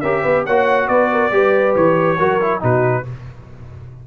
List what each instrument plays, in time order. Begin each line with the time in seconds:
0.00 tuba C#4, trombone G4, horn A#4, trumpet E5
0.23 tuba B3, horn B4
0.46 tuba A#3, trombone F#4, horn C#5, trumpet F#5
0.88 tuba B3, horn B4, trumpet D5
1.12 horn A#4
1.31 tuba G3, trombone G4, horn B4
1.76 tuba E3, trumpet C#5
2.18 tuba F#3, trombone F#4, horn A#4
2.41 trombone E4
2.60 tuba B2, trombone D#4, horn F#4, trumpet B4